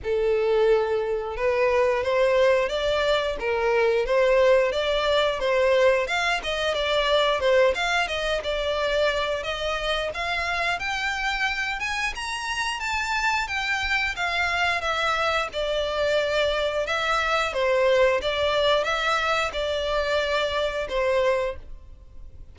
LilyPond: \new Staff \with { instrumentName = "violin" } { \time 4/4 \tempo 4 = 89 a'2 b'4 c''4 | d''4 ais'4 c''4 d''4 | c''4 f''8 dis''8 d''4 c''8 f''8 | dis''8 d''4. dis''4 f''4 |
g''4. gis''8 ais''4 a''4 | g''4 f''4 e''4 d''4~ | d''4 e''4 c''4 d''4 | e''4 d''2 c''4 | }